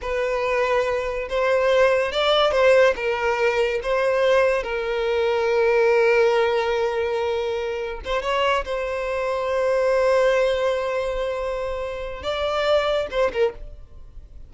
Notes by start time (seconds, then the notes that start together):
0.01 B4
1.29 C5
2.12 D5
2.51 C5
2.96 A#4
3.82 C5
4.63 A#4
8.04 C5
8.22 C#5
8.64 C5
12.22 D5
13.11 C5
13.32 A#4